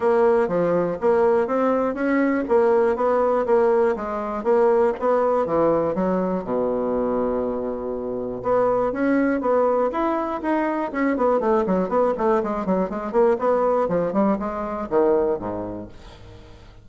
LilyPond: \new Staff \with { instrumentName = "bassoon" } { \time 4/4 \tempo 4 = 121 ais4 f4 ais4 c'4 | cis'4 ais4 b4 ais4 | gis4 ais4 b4 e4 | fis4 b,2.~ |
b,4 b4 cis'4 b4 | e'4 dis'4 cis'8 b8 a8 fis8 | b8 a8 gis8 fis8 gis8 ais8 b4 | f8 g8 gis4 dis4 gis,4 | }